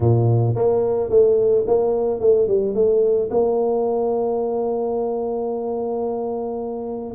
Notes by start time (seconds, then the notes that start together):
0.00 A#2
0.55 A#3
1.09 A3
1.67 A#3
2.19 A3
2.47 G3
2.74 A3
3.30 A#3